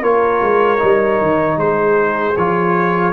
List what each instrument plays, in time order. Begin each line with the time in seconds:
0.00 tuba A#3, trombone F4, horn A#4, trumpet C#5
0.42 tuba G#3
0.78 tuba G3, trombone D#4
1.21 tuba D#3
1.57 tuba G#3, horn G#4, trumpet C5
2.37 tuba F3, trombone F4, trumpet C#5